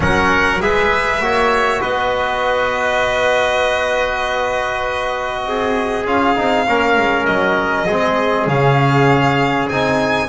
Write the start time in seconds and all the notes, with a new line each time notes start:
0.00 F#3 C#4 A#4 F#5
0.60 G#3 G#4 B4 E5
1.19 A#3 F#4 C#5
1.81 B3 B4 D#5
5.45 C4 G#4
6.06 C#4 F4 F5
6.36 C4 D#4
6.68 A#3 C#4 A#4
6.97 G#3
7.25 F#3 D#5
7.86 G#3 C4 G#4
8.47 C#3 C#4 F5
9.69 C4 D#4 G#5